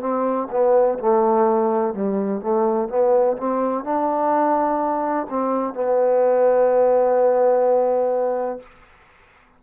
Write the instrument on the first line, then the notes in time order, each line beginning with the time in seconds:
trombone
0.00 C4
0.50 B3
0.99 A3
1.94 G3
2.41 A3
2.89 B3
3.37 C4
3.84 D4
5.29 C4
5.74 B3